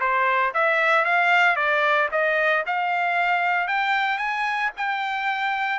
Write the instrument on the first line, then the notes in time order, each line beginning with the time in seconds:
trumpet
0.00 C5
0.54 E5
1.05 F5
1.56 D5
2.11 D#5
2.66 F5
3.67 G5
4.18 G#5
4.77 G5